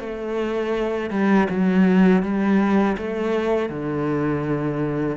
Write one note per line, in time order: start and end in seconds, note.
0.00 1.10 A3
1.10 1.47 G3
1.50 2.23 F#3
2.23 2.97 G3
2.98 3.69 A3
3.69 5.17 D3